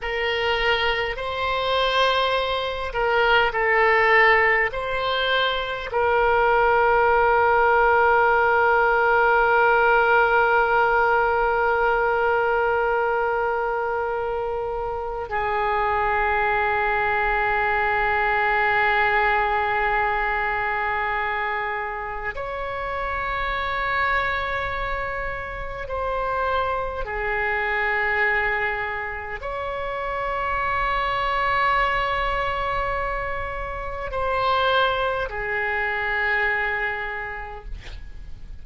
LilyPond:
\new Staff \with { instrumentName = "oboe" } { \time 4/4 \tempo 4 = 51 ais'4 c''4. ais'8 a'4 | c''4 ais'2.~ | ais'1~ | ais'4 gis'2.~ |
gis'2. cis''4~ | cis''2 c''4 gis'4~ | gis'4 cis''2.~ | cis''4 c''4 gis'2 | }